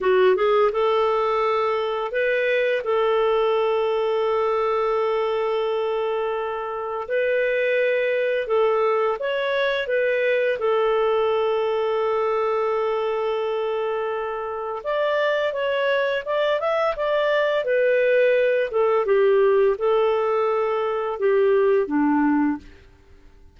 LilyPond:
\new Staff \with { instrumentName = "clarinet" } { \time 4/4 \tempo 4 = 85 fis'8 gis'8 a'2 b'4 | a'1~ | a'2 b'2 | a'4 cis''4 b'4 a'4~ |
a'1~ | a'4 d''4 cis''4 d''8 e''8 | d''4 b'4. a'8 g'4 | a'2 g'4 d'4 | }